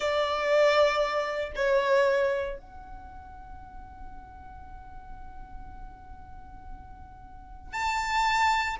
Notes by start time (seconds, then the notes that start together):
0.00 D5
1.55 C#5
2.59 F#5
7.72 A5